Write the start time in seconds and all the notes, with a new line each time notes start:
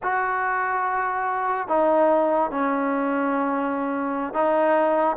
0.02 F#4
1.68 D#4
2.51 C#4
4.33 D#4